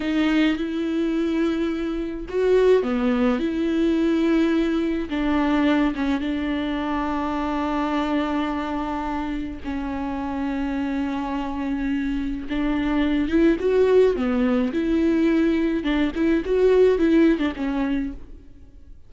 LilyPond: \new Staff \with { instrumentName = "viola" } { \time 4/4 \tempo 4 = 106 dis'4 e'2. | fis'4 b4 e'2~ | e'4 d'4. cis'8 d'4~ | d'1~ |
d'4 cis'2.~ | cis'2 d'4. e'8 | fis'4 b4 e'2 | d'8 e'8 fis'4 e'8. d'16 cis'4 | }